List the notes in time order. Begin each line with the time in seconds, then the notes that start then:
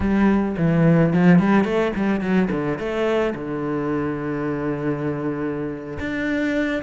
0.00 G3
0.57 E3
1.13 F3
1.39 G3
1.64 A3
1.96 G3
2.20 F#3
2.51 D3
2.78 A3
3.34 D3
5.99 D4